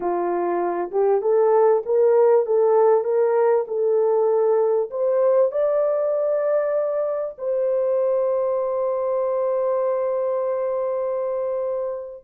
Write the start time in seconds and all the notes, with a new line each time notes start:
0.00 F4
0.91 G4
1.21 A4
1.85 A#4
2.45 A4
3.04 A#4
3.67 A4
4.90 C5
5.51 D5
7.37 C5